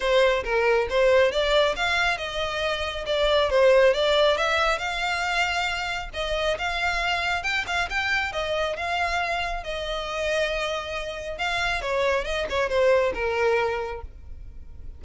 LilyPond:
\new Staff \with { instrumentName = "violin" } { \time 4/4 \tempo 4 = 137 c''4 ais'4 c''4 d''4 | f''4 dis''2 d''4 | c''4 d''4 e''4 f''4~ | f''2 dis''4 f''4~ |
f''4 g''8 f''8 g''4 dis''4 | f''2 dis''2~ | dis''2 f''4 cis''4 | dis''8 cis''8 c''4 ais'2 | }